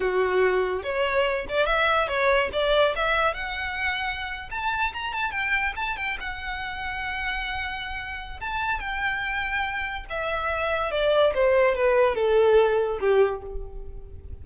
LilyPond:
\new Staff \with { instrumentName = "violin" } { \time 4/4 \tempo 4 = 143 fis'2 cis''4. d''8 | e''4 cis''4 d''4 e''4 | fis''2~ fis''8. a''4 ais''16~ | ais''16 a''8 g''4 a''8 g''8 fis''4~ fis''16~ |
fis''1 | a''4 g''2. | e''2 d''4 c''4 | b'4 a'2 g'4 | }